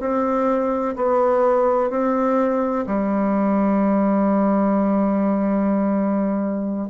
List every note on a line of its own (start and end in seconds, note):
0.00 0.95 C4
0.96 1.90 B3
1.90 2.85 C4
2.87 6.90 G3